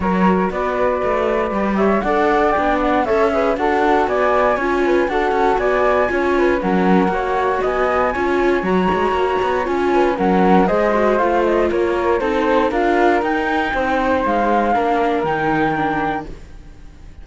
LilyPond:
<<
  \new Staff \with { instrumentName = "flute" } { \time 4/4 \tempo 4 = 118 cis''4 d''2~ d''8 e''8 | fis''4 g''8 fis''8 e''4 fis''4 | gis''2 fis''4 gis''4~ | gis''4 fis''2 gis''4~ |
gis''4 ais''2 gis''4 | fis''4 dis''4 f''8 dis''8 cis''4 | c''4 f''4 g''2 | f''2 g''2 | }
  \new Staff \with { instrumentName = "flute" } { \time 4/4 ais'4 b'2~ b'8 cis''8 | d''2 cis''8 b'8 a'4 | d''4 cis''8 b'8 a'4 d''4 | cis''8 b'8 ais'4 cis''4 dis''4 |
cis''2.~ cis''8 b'8 | ais'4 c''2 ais'4 | a'4 ais'2 c''4~ | c''4 ais'2. | }
  \new Staff \with { instrumentName = "viola" } { \time 4/4 fis'2. g'4 | a'4 d'4 a'8 gis'8 fis'4~ | fis'4 f'4 fis'2 | f'4 cis'4 fis'2 |
f'4 fis'2 f'4 | cis'4 gis'8 fis'8 f'2 | dis'4 f'4 dis'2~ | dis'4 d'4 dis'4 d'4 | }
  \new Staff \with { instrumentName = "cello" } { \time 4/4 fis4 b4 a4 g4 | d'4 b4 cis'4 d'4 | b4 cis'4 d'8 cis'8 b4 | cis'4 fis4 ais4 b4 |
cis'4 fis8 gis8 ais8 b8 cis'4 | fis4 gis4 a4 ais4 | c'4 d'4 dis'4 c'4 | gis4 ais4 dis2 | }
>>